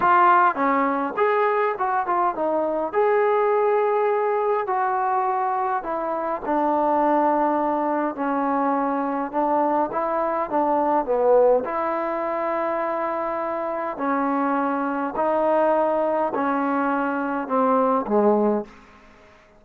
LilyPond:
\new Staff \with { instrumentName = "trombone" } { \time 4/4 \tempo 4 = 103 f'4 cis'4 gis'4 fis'8 f'8 | dis'4 gis'2. | fis'2 e'4 d'4~ | d'2 cis'2 |
d'4 e'4 d'4 b4 | e'1 | cis'2 dis'2 | cis'2 c'4 gis4 | }